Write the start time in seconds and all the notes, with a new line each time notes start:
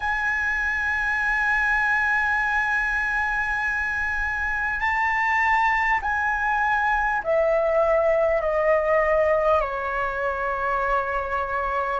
0.00 G#5
4.79 A5
6.02 G#5
7.23 E5
8.41 D#5
9.61 C#5